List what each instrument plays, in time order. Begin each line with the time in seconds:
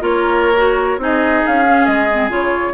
0.00 bassoon A#3, clarinet F4, oboe A#4, flute C#5
0.55 clarinet F#4
0.98 bassoon C4, clarinet D#4, oboe G#4, flute D#5
1.47 bassoon C#4, flute F5
1.66 clarinet C#4
1.86 bassoon G#3, flute D#5
2.12 clarinet C4
2.30 bassoon C#3, clarinet F4, flute C#5